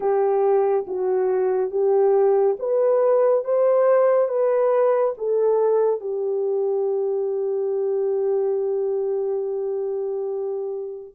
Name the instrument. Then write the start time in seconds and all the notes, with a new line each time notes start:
horn
0.00 G4
0.87 F#4
1.71 G4
2.59 B4
3.44 C5
4.28 B4
5.17 A4
6.00 G4